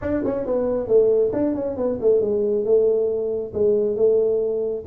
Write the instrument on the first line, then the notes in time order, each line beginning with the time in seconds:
tuba
0.01 D4
0.24 C#4
0.45 B3
0.87 A3
1.33 D4
1.54 C#4
1.76 B3
2.00 A3
2.20 G#3
2.64 A3
3.53 G#3
3.95 A3